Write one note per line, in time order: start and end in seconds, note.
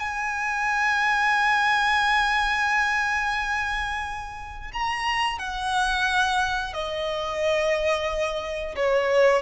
0.00 4.72 G#5
4.73 5.39 A#5
5.39 6.74 F#5
6.74 8.76 D#5
8.76 9.43 C#5